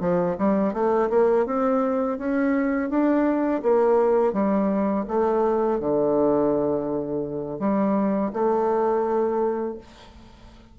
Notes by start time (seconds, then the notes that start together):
0.00 F3
0.38 G3
0.73 A3
1.10 A#3
1.46 C4
2.18 C#4
2.89 D4
3.62 A#3
4.33 G3
5.08 A3
5.80 D3
7.59 G3
8.33 A3